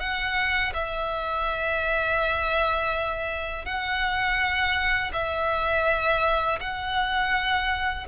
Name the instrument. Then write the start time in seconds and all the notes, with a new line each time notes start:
violin
0.00 F#5
0.74 E5
3.66 F#5
5.13 E5
6.61 F#5